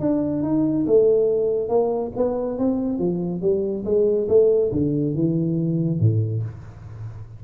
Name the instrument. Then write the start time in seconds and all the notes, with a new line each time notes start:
tuba
0.00 D4
0.43 D#4
0.87 A3
1.69 A#3
2.16 B3
2.58 C4
2.99 F3
3.41 G3
3.85 G#3
4.29 A3
4.72 D3
5.14 E3
6.00 A2